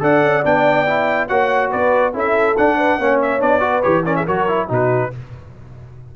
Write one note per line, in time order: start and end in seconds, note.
0.00 0.22 D4
0.00 0.43 A4
0.00 1.28 D5
0.00 0.45 F#5
0.22 0.44 C#4
0.44 1.30 B3
0.44 0.86 D4
0.44 1.28 G5
0.86 1.29 E4
1.28 1.72 A#3
1.28 2.13 F#4
1.28 1.70 C#5
1.28 1.70 F#5
1.70 2.14 B3
1.70 2.12 B4
1.70 2.14 D5
2.13 2.56 C#4
2.13 2.56 E4
2.13 2.77 A4
2.13 2.57 E5
2.57 3.00 D4
2.57 2.99 D4
2.57 3.20 F#5
2.77 2.98 B4
2.98 3.41 A#3
2.98 3.39 C#4
2.98 3.62 C#5
3.21 3.41 E5
3.39 3.84 B3
3.39 3.60 D4
3.39 3.82 D5
3.60 3.81 F#4
3.60 4.04 B4
3.82 4.27 E3
3.82 4.04 G4
3.82 4.04 C#5
4.05 4.27 C#4
4.05 4.16 A#4
4.05 4.15 D5
4.15 4.25 G#4
4.15 4.26 E5
4.25 4.70 F#3
4.25 4.48 F#4
4.25 4.67 A#4
4.25 4.70 C#5
4.48 4.68 E4
4.68 5.12 B2
4.68 5.10 D#4
4.68 5.11 F#4
4.68 5.16 B4